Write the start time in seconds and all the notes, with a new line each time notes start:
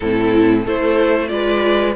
0.00 A2 C4 E4 A4
0.63 A3 E4 A4 C5
1.27 G#3 F4 B4 D5